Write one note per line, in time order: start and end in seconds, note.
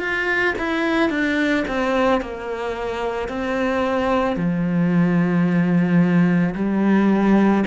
0.00 0.55 F4
0.59 1.10 E4
1.10 1.65 D4
1.68 2.21 C4
2.21 3.29 A#3
3.29 4.36 C4
4.36 6.55 F3
6.56 7.65 G3